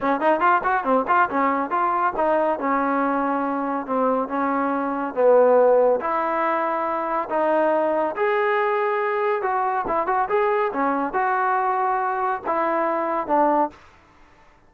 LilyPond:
\new Staff \with { instrumentName = "trombone" } { \time 4/4 \tempo 4 = 140 cis'8 dis'8 f'8 fis'8 c'8 f'8 cis'4 | f'4 dis'4 cis'2~ | cis'4 c'4 cis'2 | b2 e'2~ |
e'4 dis'2 gis'4~ | gis'2 fis'4 e'8 fis'8 | gis'4 cis'4 fis'2~ | fis'4 e'2 d'4 | }